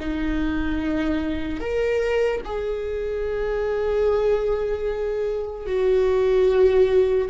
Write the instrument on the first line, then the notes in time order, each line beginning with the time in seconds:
viola
0.00 D#4
1.60 A#4
2.45 G#4
5.66 F#4